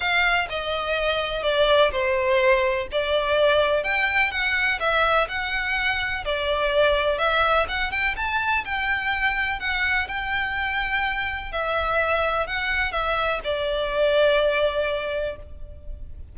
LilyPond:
\new Staff \with { instrumentName = "violin" } { \time 4/4 \tempo 4 = 125 f''4 dis''2 d''4 | c''2 d''2 | g''4 fis''4 e''4 fis''4~ | fis''4 d''2 e''4 |
fis''8 g''8 a''4 g''2 | fis''4 g''2. | e''2 fis''4 e''4 | d''1 | }